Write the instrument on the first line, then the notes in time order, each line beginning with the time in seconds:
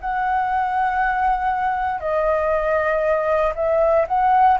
flute
0.00 F#5
2.00 D#5
3.55 E5
4.08 F#5